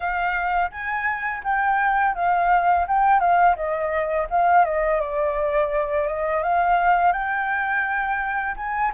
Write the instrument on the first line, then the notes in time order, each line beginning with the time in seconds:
flute
0.00 F5
0.71 G#5
1.43 G5
2.15 F5
2.87 G5
3.19 F5
3.56 D#5
4.30 F5
4.64 D#5
5.00 D5
6.07 D#5
6.43 F5
7.12 G5
8.56 G#5